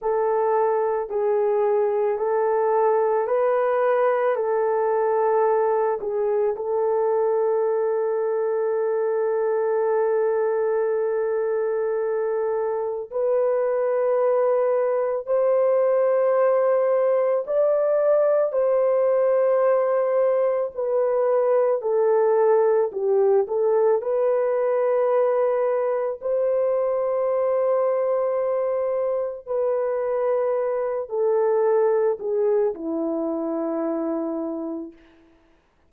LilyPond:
\new Staff \with { instrumentName = "horn" } { \time 4/4 \tempo 4 = 55 a'4 gis'4 a'4 b'4 | a'4. gis'8 a'2~ | a'1 | b'2 c''2 |
d''4 c''2 b'4 | a'4 g'8 a'8 b'2 | c''2. b'4~ | b'8 a'4 gis'8 e'2 | }